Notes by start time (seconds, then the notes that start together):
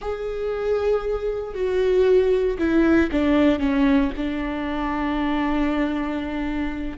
0.01 G#4
1.54 F#4
2.58 E4
3.11 D4
3.59 C#4
4.16 D4